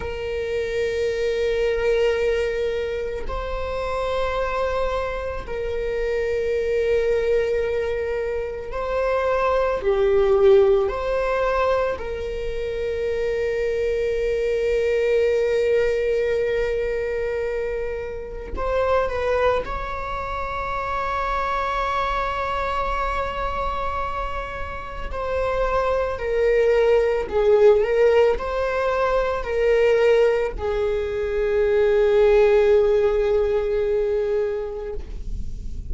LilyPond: \new Staff \with { instrumentName = "viola" } { \time 4/4 \tempo 4 = 55 ais'2. c''4~ | c''4 ais'2. | c''4 g'4 c''4 ais'4~ | ais'1~ |
ais'4 c''8 b'8 cis''2~ | cis''2. c''4 | ais'4 gis'8 ais'8 c''4 ais'4 | gis'1 | }